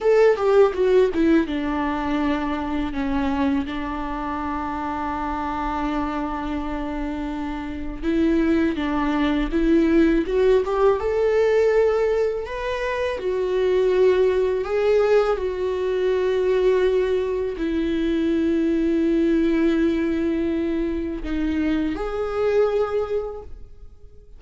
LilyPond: \new Staff \with { instrumentName = "viola" } { \time 4/4 \tempo 4 = 82 a'8 g'8 fis'8 e'8 d'2 | cis'4 d'2.~ | d'2. e'4 | d'4 e'4 fis'8 g'8 a'4~ |
a'4 b'4 fis'2 | gis'4 fis'2. | e'1~ | e'4 dis'4 gis'2 | }